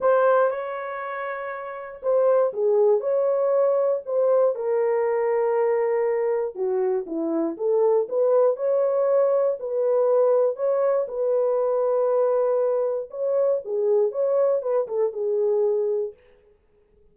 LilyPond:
\new Staff \with { instrumentName = "horn" } { \time 4/4 \tempo 4 = 119 c''4 cis''2. | c''4 gis'4 cis''2 | c''4 ais'2.~ | ais'4 fis'4 e'4 a'4 |
b'4 cis''2 b'4~ | b'4 cis''4 b'2~ | b'2 cis''4 gis'4 | cis''4 b'8 a'8 gis'2 | }